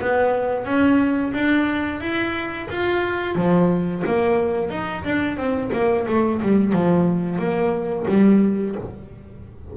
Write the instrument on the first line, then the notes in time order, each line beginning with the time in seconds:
double bass
0.00 B3
0.65 C#4
1.33 D4
2.00 E4
2.70 F4
3.35 F3
4.06 A#3
4.70 D#4
5.04 D4
5.37 C4
5.72 A#3
6.07 A3
6.42 G3
6.72 F3
7.38 A#3
8.07 G3